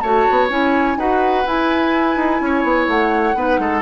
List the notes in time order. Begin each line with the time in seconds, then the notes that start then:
0.00 A3 F#4 C#5 A5
0.30 B3
0.49 C#4 E4 G#5
0.97 D#4 F#4 B4 F#5
1.45 E4 G#5
2.16 D#4
2.40 C#4 C#5
2.63 B3
2.87 A3 F#5
3.35 B3 D#4 B4
3.59 G#3 A4